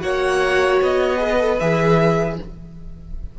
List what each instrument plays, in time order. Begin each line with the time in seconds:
0.00 cello A#3, viola F#4, violin C#5 F#5
0.81 cello B3, violin D#5
1.17 viola G#4, violin B4
1.39 viola A4
1.59 cello E3, viola G#4, violin E5